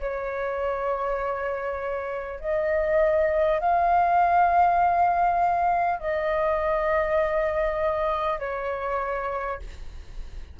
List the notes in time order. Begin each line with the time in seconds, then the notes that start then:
0.00 C#5
2.40 D#5
3.60 F5
5.99 D#5
8.39 C#5